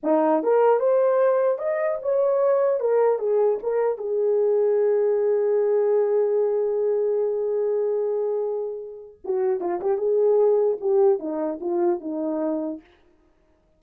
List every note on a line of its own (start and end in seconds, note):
0.03 0.43 D#4
0.43 0.79 A#4
0.79 1.58 C5
1.58 1.98 D#5
2.01 2.80 C#5
2.80 3.19 A#4
3.19 3.59 G#4
3.63 3.98 A#4
3.98 9.18 G#4
9.24 9.60 F#4
9.60 9.80 F4
9.80 9.97 G4
9.97 10.77 G#4
10.80 11.19 G4
11.19 11.59 D#4
11.60 12.00 F4
12.00 12.80 D#4